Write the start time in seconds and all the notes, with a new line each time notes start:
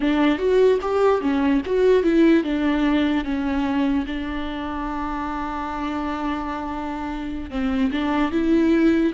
0.00 D4
0.38 F#4
0.81 G4
1.21 C#4
1.65 F#4
2.03 E4
2.43 D4
3.24 C#4
4.06 D4
7.50 C4
7.91 D4
8.31 E4